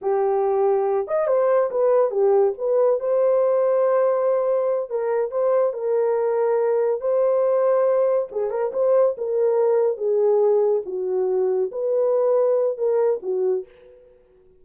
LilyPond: \new Staff \with { instrumentName = "horn" } { \time 4/4 \tempo 4 = 141 g'2~ g'8 dis''8 c''4 | b'4 g'4 b'4 c''4~ | c''2.~ c''8 ais'8~ | ais'8 c''4 ais'2~ ais'8~ |
ais'8 c''2. gis'8 | ais'8 c''4 ais'2 gis'8~ | gis'4. fis'2 b'8~ | b'2 ais'4 fis'4 | }